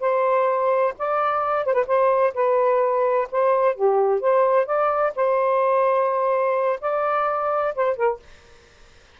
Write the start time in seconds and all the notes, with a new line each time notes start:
0.00 C5
0.98 D5
1.66 C5
1.73 B4
1.87 C5
2.34 B4
3.31 C5
3.75 G4
4.20 C5
4.66 D5
5.16 C5
6.81 D5
7.75 C5
7.96 A#4